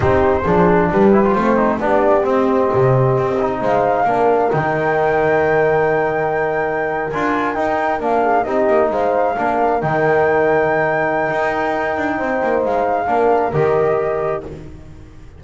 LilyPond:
<<
  \new Staff \with { instrumentName = "flute" } { \time 4/4 \tempo 4 = 133 c''2 b'4 c''4 | d''4 dis''2. | f''2 g''2~ | g''2.~ g''8. gis''16~ |
gis''8. g''4 f''4 dis''4 f''16~ | f''4.~ f''16 g''2~ g''16~ | g''1 | f''2 dis''2 | }
  \new Staff \with { instrumentName = "horn" } { \time 4/4 g'4 gis'4 g'4 c'4 | g'1 | c''4 ais'2.~ | ais'1~ |
ais'2~ ais'16 gis'8 g'4 c''16~ | c''8. ais'2.~ ais'16~ | ais'2. c''4~ | c''4 ais'2. | }
  \new Staff \with { instrumentName = "trombone" } { \time 4/4 dis'4 d'4. e'16 f'8. dis'8 | d'4 c'2~ c'8 dis'8~ | dis'4 d'4 dis'2~ | dis'2.~ dis'8. f'16~ |
f'8. dis'4 d'4 dis'4~ dis'16~ | dis'8. d'4 dis'2~ dis'16~ | dis'1~ | dis'4 d'4 g'2 | }
  \new Staff \with { instrumentName = "double bass" } { \time 4/4 c'4 f4 g4 a4 | b4 c'4 c4 c'4 | gis4 ais4 dis2~ | dis2.~ dis8. d'16~ |
d'8. dis'4 ais4 c'8 ais8 gis16~ | gis8. ais4 dis2~ dis16~ | dis4 dis'4. d'8 c'8 ais8 | gis4 ais4 dis2 | }
>>